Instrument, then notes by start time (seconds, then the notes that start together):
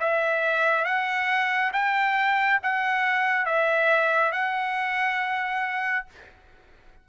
trumpet
0.00 E5
0.85 F#5
1.73 G5
2.62 F#5
3.45 E5
4.32 F#5